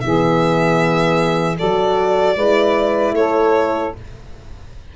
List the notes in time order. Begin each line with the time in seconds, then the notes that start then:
0.00 E3 B3 G#4 E5
1.57 F#3 F#4 A4 D5
2.35 G#3 E4 B4
3.12 A3 A4 C#5